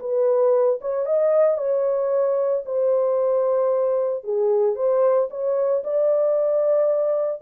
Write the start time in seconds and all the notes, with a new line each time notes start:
0.00 B4
0.81 C#5
1.06 D#5
1.58 C#5
2.65 C5
4.24 G#4
4.75 C5
5.30 C#5
5.84 D5